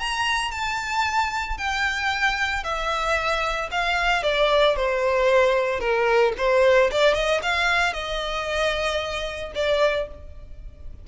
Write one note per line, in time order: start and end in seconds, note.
0.00 0.51 A#5
0.51 1.58 A5
1.58 2.64 G5
2.64 3.70 E5
3.71 4.23 F5
4.23 4.76 D5
4.76 5.80 C5
5.80 6.33 A#4
6.38 6.91 C5
6.91 7.14 D5
7.14 7.41 D#5
7.43 7.93 F5
7.93 9.53 D#5
9.55 10.08 D5